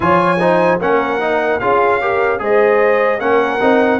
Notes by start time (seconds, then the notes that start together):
0.00 F3 F4 C#5 G#5
0.39 D#4 C5
0.80 A#3 C#4 A#4 F#5
1.20 D#4
1.59 C#4 F4 G#4 F5
2.00 G4 A#4
2.38 G#3 G#4 C5 D#5
3.19 A#3 C#4 A#4 F#5
3.60 C4 D#4